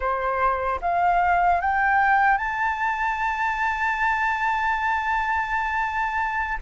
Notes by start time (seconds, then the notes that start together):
0.00 C5
0.81 F5
1.60 G5
2.37 A5